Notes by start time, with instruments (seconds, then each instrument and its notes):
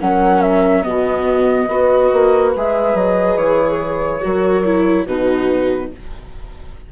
0.00 bassoon F#3, viola C#4, horn A#4, flute F#5
0.42 flute E5
0.83 bassoon B2, viola B3, horn F#4, flute D#5
1.69 bassoon B3, viola F#4, horn B4
2.13 bassoon A#3
2.56 bassoon G#3, viola G#4, flute E5
2.94 bassoon F#3, flute D#5
3.37 bassoon E3, flute C#5
4.22 bassoon F#3, viola F#4, horn A#4
4.65 viola E4
5.07 bassoon B2, viola D#4, horn F#4, flute B4